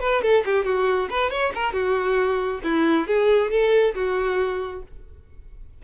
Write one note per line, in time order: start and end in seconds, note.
0.00 0.22 B4
0.22 0.44 A4
0.45 0.65 G4
0.65 1.08 F#4
1.10 1.30 B4
1.30 1.52 C#5
1.55 1.73 A#4
1.73 2.60 F#4
2.64 3.07 E4
3.07 3.51 G#4
3.51 3.94 A4
3.95 4.82 F#4